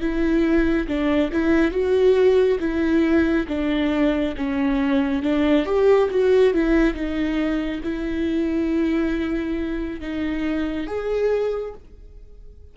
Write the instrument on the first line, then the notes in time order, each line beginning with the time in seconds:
viola
0.00 E4
0.87 D4
1.32 E4
1.71 F#4
2.59 E4
3.47 D4
4.36 C#4
5.22 D4
5.65 G4
6.10 F#4
6.53 E4
6.94 D#4
7.83 E4
10.00 D#4
10.87 G#4